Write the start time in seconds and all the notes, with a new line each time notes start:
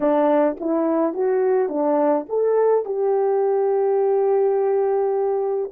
0.00 D4
0.60 E4
1.13 F#4
1.69 D4
2.29 A4
2.85 G4